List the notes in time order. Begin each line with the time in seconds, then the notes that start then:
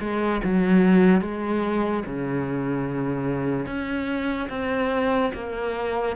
0.00 G#3
0.44 F#3
1.21 G#3
2.06 C#3
3.67 C#4
4.49 C4
5.34 A#3